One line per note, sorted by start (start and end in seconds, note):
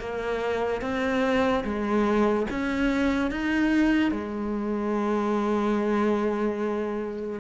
0.00 0.82 A#3
0.82 1.64 C4
1.65 2.47 G#3
2.51 3.31 C#4
3.31 4.12 D#4
4.12 7.40 G#3